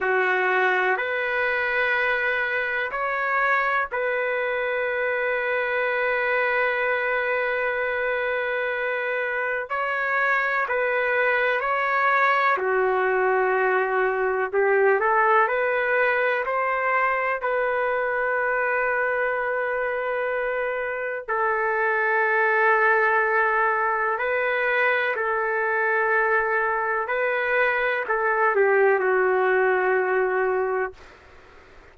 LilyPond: \new Staff \with { instrumentName = "trumpet" } { \time 4/4 \tempo 4 = 62 fis'4 b'2 cis''4 | b'1~ | b'2 cis''4 b'4 | cis''4 fis'2 g'8 a'8 |
b'4 c''4 b'2~ | b'2 a'2~ | a'4 b'4 a'2 | b'4 a'8 g'8 fis'2 | }